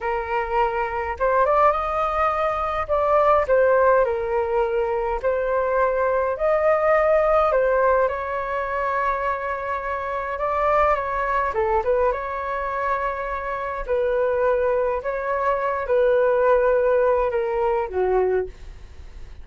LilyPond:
\new Staff \with { instrumentName = "flute" } { \time 4/4 \tempo 4 = 104 ais'2 c''8 d''8 dis''4~ | dis''4 d''4 c''4 ais'4~ | ais'4 c''2 dis''4~ | dis''4 c''4 cis''2~ |
cis''2 d''4 cis''4 | a'8 b'8 cis''2. | b'2 cis''4. b'8~ | b'2 ais'4 fis'4 | }